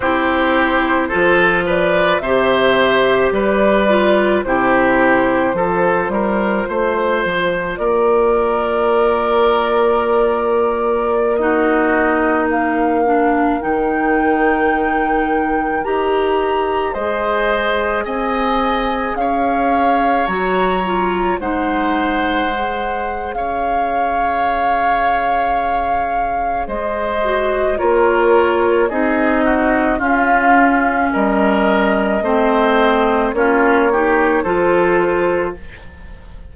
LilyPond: <<
  \new Staff \with { instrumentName = "flute" } { \time 4/4 \tempo 4 = 54 c''4. d''8 e''4 d''4 | c''2. d''4~ | d''2~ d''16 dis''4 f''8.~ | f''16 g''2 ais''4 dis''8.~ |
dis''16 gis''4 f''4 ais''4 fis''8.~ | fis''4 f''2. | dis''4 cis''4 dis''4 f''4 | dis''2 cis''4 c''4 | }
  \new Staff \with { instrumentName = "oboe" } { \time 4/4 g'4 a'8 b'8 c''4 b'4 | g'4 a'8 ais'8 c''4 ais'4~ | ais'2~ ais'16 fis'4 ais'8.~ | ais'2.~ ais'16 c''8.~ |
c''16 dis''4 cis''2 c''8.~ | c''4 cis''2. | c''4 ais'4 gis'8 fis'8 f'4 | ais'4 c''4 f'8 g'8 a'4 | }
  \new Staff \with { instrumentName = "clarinet" } { \time 4/4 e'4 f'4 g'4. f'8 | e'4 f'2.~ | f'2~ f'16 dis'4. d'16~ | d'16 dis'2 g'4 gis'8.~ |
gis'2~ gis'16 fis'8 f'8 dis'8.~ | dis'16 gis'2.~ gis'8.~ | gis'8 fis'8 f'4 dis'4 cis'4~ | cis'4 c'4 cis'8 dis'8 f'4 | }
  \new Staff \with { instrumentName = "bassoon" } { \time 4/4 c'4 f4 c4 g4 | c4 f8 g8 a8 f8 ais4~ | ais1~ | ais16 dis2 dis'4 gis8.~ |
gis16 c'4 cis'4 fis4 gis8.~ | gis4 cis'2. | gis4 ais4 c'4 cis'4 | g4 a4 ais4 f4 | }
>>